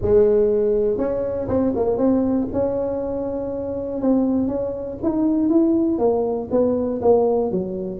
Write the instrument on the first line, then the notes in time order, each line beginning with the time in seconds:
tuba
0.01 G#3
0.97 C#4
1.48 C4
1.75 A#3
1.97 C4
2.52 C#4
4.01 C4
4.47 C#4
5.02 D#4
5.49 E4
5.98 A#3
6.50 B3
7.01 A#3
7.51 F#3